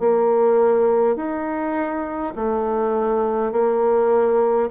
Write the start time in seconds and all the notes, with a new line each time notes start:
0.00 A#3
1.16 D#4
2.35 A3
3.52 A#3